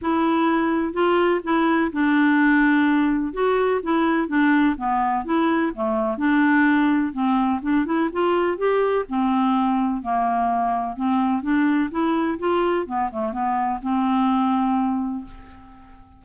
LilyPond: \new Staff \with { instrumentName = "clarinet" } { \time 4/4 \tempo 4 = 126 e'2 f'4 e'4 | d'2. fis'4 | e'4 d'4 b4 e'4 | a4 d'2 c'4 |
d'8 e'8 f'4 g'4 c'4~ | c'4 ais2 c'4 | d'4 e'4 f'4 b8 a8 | b4 c'2. | }